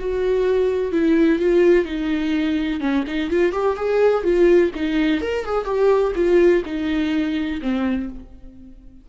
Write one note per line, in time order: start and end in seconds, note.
0.00 0.93 F#4
0.93 1.40 E4
1.40 1.85 F4
1.85 2.81 D#4
2.81 3.05 C#4
3.08 3.30 D#4
3.30 3.53 F4
3.53 3.77 G4
3.77 4.24 G#4
4.24 4.72 F4
4.76 5.22 D#4
5.22 5.45 A#4
5.45 5.65 G#4
5.65 6.13 G4
6.16 6.63 F4
6.66 7.61 D#4
7.62 8.10 C4